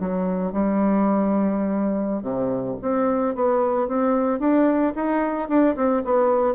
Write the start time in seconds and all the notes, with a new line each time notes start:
0.00 F#3
0.52 G3
2.23 C3
2.82 C4
3.35 B3
3.88 C4
4.40 D4
4.96 D#4
5.49 D4
5.76 C4
6.05 B3